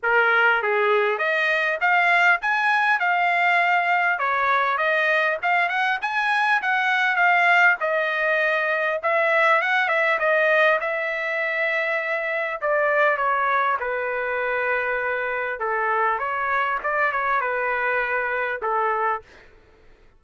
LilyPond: \new Staff \with { instrumentName = "trumpet" } { \time 4/4 \tempo 4 = 100 ais'4 gis'4 dis''4 f''4 | gis''4 f''2 cis''4 | dis''4 f''8 fis''8 gis''4 fis''4 | f''4 dis''2 e''4 |
fis''8 e''8 dis''4 e''2~ | e''4 d''4 cis''4 b'4~ | b'2 a'4 cis''4 | d''8 cis''8 b'2 a'4 | }